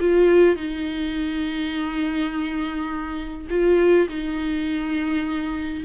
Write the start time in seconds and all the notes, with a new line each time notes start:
0.00 F4
0.56 D#4
3.50 F4
4.09 D#4